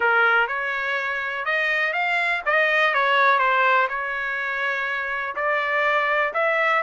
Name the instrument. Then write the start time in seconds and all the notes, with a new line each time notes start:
trumpet
0.00 A#4
0.47 C#5
1.45 D#5
1.93 F5
2.45 D#5
2.94 C#5
3.38 C5
3.88 C#5
5.35 D5
6.33 E5